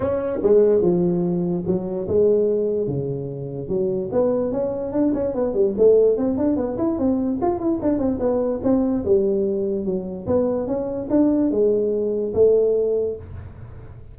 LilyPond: \new Staff \with { instrumentName = "tuba" } { \time 4/4 \tempo 4 = 146 cis'4 gis4 f2 | fis4 gis2 cis4~ | cis4 fis4 b4 cis'4 | d'8 cis'8 b8 g8 a4 c'8 d'8 |
b8 e'8 c'4 f'8 e'8 d'8 c'8 | b4 c'4 g2 | fis4 b4 cis'4 d'4 | gis2 a2 | }